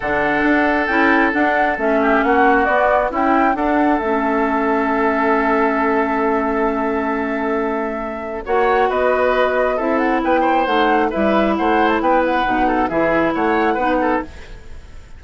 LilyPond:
<<
  \new Staff \with { instrumentName = "flute" } { \time 4/4 \tempo 4 = 135 fis''2 g''4 fis''4 | e''4 fis''4 d''4 g''4 | fis''4 e''2.~ | e''1~ |
e''2. fis''4 | dis''2 e''8 fis''8 g''4 | fis''4 e''4 fis''8. a''16 g''8 fis''8~ | fis''4 e''4 fis''2 | }
  \new Staff \with { instrumentName = "oboe" } { \time 4/4 a'1~ | a'8 g'8 fis'2 e'4 | a'1~ | a'1~ |
a'2. cis''4 | b'2 a'4 b'8 c''8~ | c''4 b'4 c''4 b'4~ | b'8 a'8 gis'4 cis''4 b'8 a'8 | }
  \new Staff \with { instrumentName = "clarinet" } { \time 4/4 d'2 e'4 d'4 | cis'2 b4 e'4 | d'4 cis'2.~ | cis'1~ |
cis'2. fis'4~ | fis'2 e'2 | dis'4 e'2. | dis'4 e'2 dis'4 | }
  \new Staff \with { instrumentName = "bassoon" } { \time 4/4 d4 d'4 cis'4 d'4 | a4 ais4 b4 cis'4 | d'4 a2.~ | a1~ |
a2. ais4 | b2 c'4 b4 | a4 g4 a4 b4 | b,4 e4 a4 b4 | }
>>